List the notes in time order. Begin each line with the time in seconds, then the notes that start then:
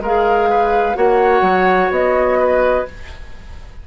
0.00 G#3 G#4 A#4 F5
0.50 B4
0.95 A#3 F#4 C#5 F#5
1.41 F#3
1.90 B3 D#5
2.39 B4